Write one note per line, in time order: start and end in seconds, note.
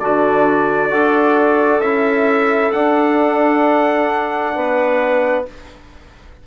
0.00 0.91 D3
0.00 0.91 D4
0.00 0.90 F#4
0.00 1.81 D5
0.90 1.80 D4
0.90 1.82 F#4
0.90 4.54 A4
1.80 2.71 C#4
1.80 2.73 E4
1.80 2.72 E5
2.73 5.46 D4
2.73 4.56 D4
2.73 5.45 F#5
4.55 5.47 B3
4.55 5.46 B4